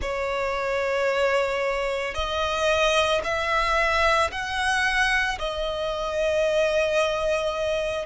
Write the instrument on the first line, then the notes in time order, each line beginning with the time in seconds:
violin
0.01 C#5
2.14 D#5
3.23 E5
4.31 F#5
5.39 D#5